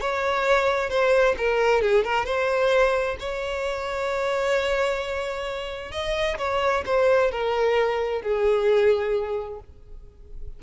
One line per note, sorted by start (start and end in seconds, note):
0.00 0.89 C#5
0.89 1.35 C5
1.37 1.81 A#4
1.81 2.04 G#4
2.04 2.25 A#4
2.25 3.16 C5
3.20 5.91 C#5
5.91 6.37 D#5
6.38 6.83 C#5
6.85 7.31 C5
7.31 8.22 A#4
8.22 9.59 G#4